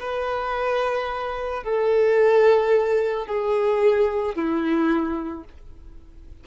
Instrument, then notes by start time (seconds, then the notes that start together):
violin
0.00 B4
1.64 A4
3.27 G#4
4.35 E4